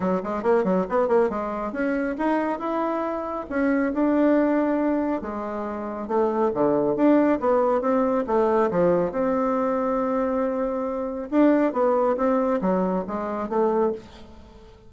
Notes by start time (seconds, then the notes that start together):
0.00 F#3
0.23 G#3
0.42 A#3
0.64 F#3
0.89 B3
1.08 A#3
1.29 G#3
1.72 C#4
2.18 D#4
2.59 E4
3.49 C#4
3.93 D4
5.21 G#3
6.07 A3
6.54 D3
6.95 D4
7.40 B3
7.81 C4
8.26 A3
8.70 F3
9.11 C4
11.30 D4
11.73 B3
12.17 C4
12.61 F#3
13.07 G#3
13.49 A3